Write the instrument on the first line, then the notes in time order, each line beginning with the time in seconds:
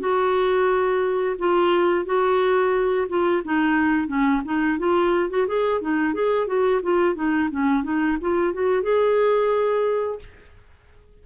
clarinet
0.00 F#4
1.39 F4
2.05 F#4
3.09 F4
3.45 D#4
4.08 C#4
4.45 D#4
4.79 F4
5.30 F#4
5.47 G#4
5.81 D#4
6.14 G#4
6.47 F#4
6.82 F4
7.15 D#4
7.51 C#4
7.83 D#4
8.21 F4
8.54 F#4
8.83 G#4